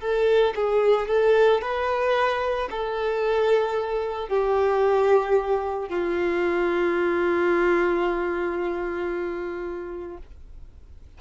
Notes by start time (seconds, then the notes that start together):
0.00 A4
0.56 G#4
1.08 A4
1.61 B4
2.71 A4
4.29 G4
5.89 F4